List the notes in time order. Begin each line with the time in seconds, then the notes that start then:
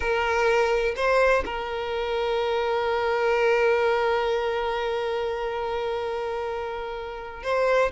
0.00 A#4
0.96 C5
1.45 A#4
7.43 C5